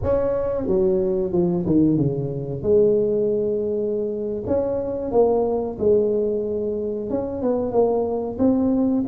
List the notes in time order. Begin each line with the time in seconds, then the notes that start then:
0.02 C#4
0.66 F#3
1.32 F3
1.65 D#3
1.97 C#3
2.62 G#3
4.46 C#4
5.11 A#3
5.78 G#3
7.10 C#4
7.42 B3
7.71 A#3
8.38 C4